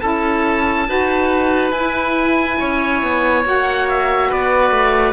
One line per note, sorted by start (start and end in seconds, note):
0.00 0.88 C#4
0.00 0.87 E4
0.00 0.87 A4
0.00 1.71 A5
0.87 1.71 D#4
0.87 1.72 F#4
0.87 2.59 B4
1.71 2.57 E4
1.71 3.44 E4
1.71 3.42 G#5
2.59 3.02 C#4
2.59 4.29 C#5
3.02 3.45 B3
3.44 4.31 A#3
3.44 5.13 F#4
3.44 3.89 F#5
3.89 4.32 E5
4.29 4.71 B3
4.29 5.13 B4
4.29 5.13 D5
4.71 5.13 A3